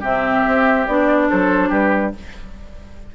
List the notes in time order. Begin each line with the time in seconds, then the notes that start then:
0.00 C3 C4 G4 E5
0.46 C4
0.87 B3 D4 D5
1.29 F#3 A4 C5
1.69 G3 G4 B4